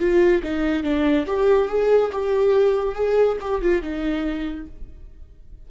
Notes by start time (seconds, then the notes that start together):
0.00 F4
0.44 D#4
0.84 D4
1.27 G4
1.69 G#4
2.12 G4
2.95 G#4
3.41 G4
3.62 F4
3.82 D#4